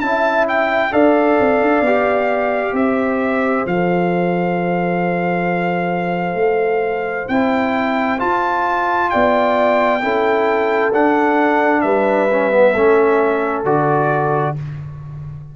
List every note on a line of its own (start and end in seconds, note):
0.00 0.92 C#4
0.00 0.92 E4
0.00 0.92 E5
0.00 0.45 A5
0.48 0.93 G5
0.92 1.38 D4
0.92 1.83 A4
0.92 2.74 D5
0.92 2.75 F5
1.40 1.62 C4
1.62 1.81 D4
1.81 2.72 B3
1.81 3.67 G4
2.73 3.63 C4
2.73 9.10 C5
2.73 3.66 E5
3.66 6.35 F3
3.66 7.30 A4
3.66 7.28 F5
6.35 7.26 A3
7.28 8.20 C4
7.28 8.19 E4
7.28 8.19 G5
8.19 10.01 F4
8.19 9.11 F4
8.19 9.10 A5
9.10 10.02 B3
9.10 10.03 D5
9.10 10.91 G5
10.01 10.93 C#4
10.01 10.92 E4
10.01 11.83 A4
10.93 11.83 D4
10.93 12.30 D4
10.93 11.81 F#5
11.81 12.74 G3
11.81 12.73 B4
11.81 13.63 E5
12.31 12.51 C#4
12.51 12.74 B3
12.73 13.64 A3
12.73 13.65 C#4
12.73 14.54 A4
13.64 14.55 D3
13.64 14.56 F#4
13.64 14.56 D5